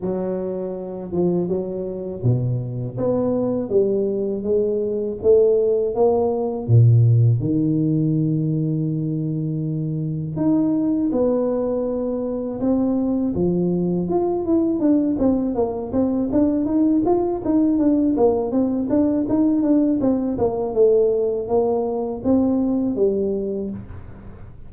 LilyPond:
\new Staff \with { instrumentName = "tuba" } { \time 4/4 \tempo 4 = 81 fis4. f8 fis4 b,4 | b4 g4 gis4 a4 | ais4 ais,4 dis2~ | dis2 dis'4 b4~ |
b4 c'4 f4 f'8 e'8 | d'8 c'8 ais8 c'8 d'8 dis'8 f'8 dis'8 | d'8 ais8 c'8 d'8 dis'8 d'8 c'8 ais8 | a4 ais4 c'4 g4 | }